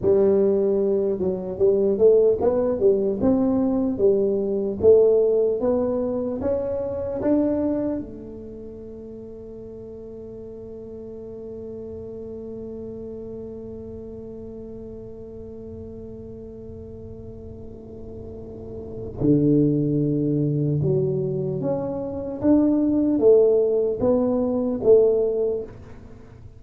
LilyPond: \new Staff \with { instrumentName = "tuba" } { \time 4/4 \tempo 4 = 75 g4. fis8 g8 a8 b8 g8 | c'4 g4 a4 b4 | cis'4 d'4 a2~ | a1~ |
a1~ | a1 | d2 fis4 cis'4 | d'4 a4 b4 a4 | }